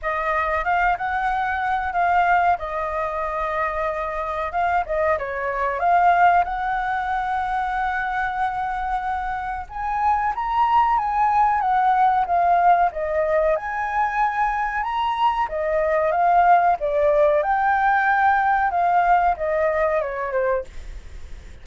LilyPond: \new Staff \with { instrumentName = "flute" } { \time 4/4 \tempo 4 = 93 dis''4 f''8 fis''4. f''4 | dis''2. f''8 dis''8 | cis''4 f''4 fis''2~ | fis''2. gis''4 |
ais''4 gis''4 fis''4 f''4 | dis''4 gis''2 ais''4 | dis''4 f''4 d''4 g''4~ | g''4 f''4 dis''4 cis''8 c''8 | }